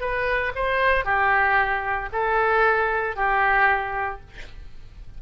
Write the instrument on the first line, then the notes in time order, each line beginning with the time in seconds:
oboe
0.00 B4
0.55 C5
1.05 G4
2.12 A4
3.16 G4